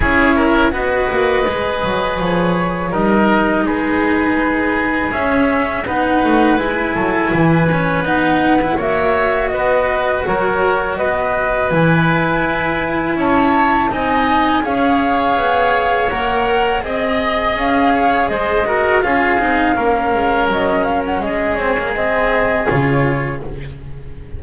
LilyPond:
<<
  \new Staff \with { instrumentName = "flute" } { \time 4/4 \tempo 4 = 82 cis''4 dis''2 cis''4 | dis''4 b'2 e''4 | fis''4 gis''2 fis''4 | e''4 dis''4 cis''4 dis''4 |
gis''2 a''4 gis''4 | f''2 fis''4 dis''4 | f''4 dis''4 f''2 | dis''8 f''16 fis''16 dis''8 cis''8 dis''4 cis''4 | }
  \new Staff \with { instrumentName = "oboe" } { \time 4/4 gis'8 ais'8 b'2. | ais'4 gis'2. | b'4. a'8 b'2 | cis''4 b'4 ais'4 b'4~ |
b'2 cis''4 dis''4 | cis''2. dis''4~ | dis''8 cis''8 c''8 ais'8 gis'4 ais'4~ | ais'4 gis'2. | }
  \new Staff \with { instrumentName = "cello" } { \time 4/4 e'4 fis'4 gis'2 | dis'2. cis'4 | dis'4 e'4. cis'8 dis'8. e'16 | fis'1 |
e'2. dis'4 | gis'2 ais'4 gis'4~ | gis'4. fis'8 f'8 dis'8 cis'4~ | cis'4. c'16 ais16 c'4 f'4 | }
  \new Staff \with { instrumentName = "double bass" } { \time 4/4 cis'4 b8 ais8 gis8 fis8 f4 | g4 gis2 cis'4 | b8 a8 gis8 fis8 e4 b4 | ais4 b4 fis4 b4 |
e4 e'4 cis'4 c'4 | cis'4 b4 ais4 c'4 | cis'4 gis4 cis'8 c'8 ais8 gis8 | fis4 gis2 cis4 | }
>>